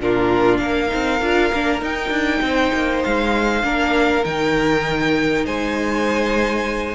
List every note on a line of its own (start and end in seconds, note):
0.00 0.60 A#2
0.00 0.88 D4
0.00 0.61 F4
0.00 0.58 A#4
0.58 0.91 A#3
0.58 2.43 A#4
0.58 1.79 F5
0.88 1.22 C4
0.88 1.18 D#4
1.22 1.52 D4
1.22 1.53 F4
1.53 1.82 A#3
1.53 1.82 D4
1.82 2.10 D#4
1.82 3.63 D#4
1.82 3.04 G5
2.10 2.41 D4
2.42 2.72 C4
2.42 3.66 C5
2.74 3.04 A#3
3.04 3.63 G#3
3.04 4.25 F5
3.63 4.24 A#3
3.63 4.24 D4
3.63 5.46 A#4
4.25 5.47 D#3
4.25 6.96 D#4
4.25 5.46 G5
5.46 6.96 G#3
5.46 6.96 C5
5.46 6.96 G#5